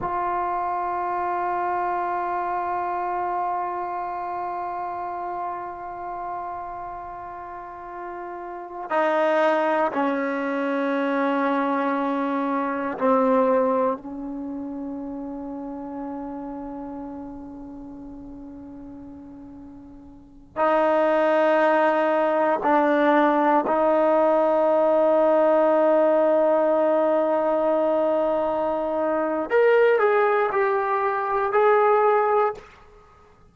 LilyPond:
\new Staff \with { instrumentName = "trombone" } { \time 4/4 \tempo 4 = 59 f'1~ | f'1~ | f'8. dis'4 cis'2~ cis'16~ | cis'8. c'4 cis'2~ cis'16~ |
cis'1~ | cis'16 dis'2 d'4 dis'8.~ | dis'1~ | dis'4 ais'8 gis'8 g'4 gis'4 | }